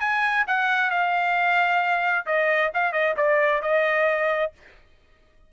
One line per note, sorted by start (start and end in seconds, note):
0.00 0.45 G#5
0.48 0.91 F#5
0.91 2.26 F5
2.26 2.71 D#5
2.74 2.92 F5
2.92 3.15 D#5
3.17 3.62 D5
3.62 4.52 D#5